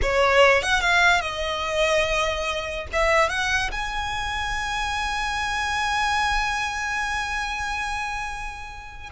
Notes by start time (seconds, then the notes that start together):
0.02 C#5
0.62 F#5
0.80 F5
1.21 D#5
2.92 E5
3.29 F#5
3.71 G#5